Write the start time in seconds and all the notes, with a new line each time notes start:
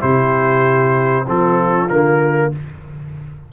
0.00 C3 E4 G4 C5
1.25 F3 C4 F4 A4
1.89 D3 A#3 A#4